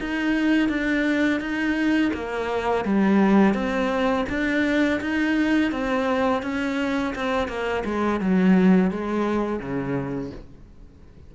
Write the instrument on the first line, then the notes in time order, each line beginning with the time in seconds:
cello
0.00 D#4
0.69 D4
1.40 D#4
2.14 A#3
2.85 G3
3.54 C4
4.29 D4
5.01 D#4
5.71 C4
6.43 C#4
7.15 C4
7.48 A#3
7.85 G#3
8.20 F#3
8.91 G#3
9.59 C#3